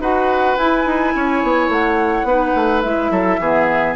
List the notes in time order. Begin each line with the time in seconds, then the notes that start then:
0.00 D#4 F#4 B4 F#5
0.58 E4 G#5
0.86 D#4
1.16 C#4 C#5
1.44 B3
1.69 A3 F#5
2.24 B3 D#4 B4
2.56 A3
2.81 G#3 E4 E5
3.11 F#3 A4
3.40 E3 B3 G#4